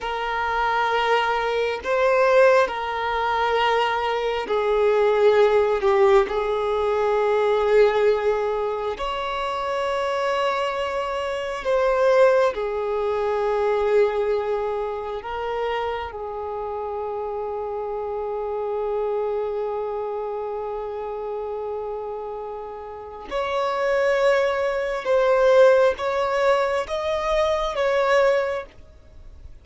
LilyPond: \new Staff \with { instrumentName = "violin" } { \time 4/4 \tempo 4 = 67 ais'2 c''4 ais'4~ | ais'4 gis'4. g'8 gis'4~ | gis'2 cis''2~ | cis''4 c''4 gis'2~ |
gis'4 ais'4 gis'2~ | gis'1~ | gis'2 cis''2 | c''4 cis''4 dis''4 cis''4 | }